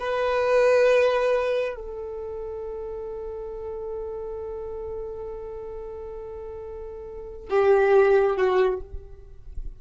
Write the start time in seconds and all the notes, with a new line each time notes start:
0.00 B4
1.76 A4
7.50 G4
8.37 F#4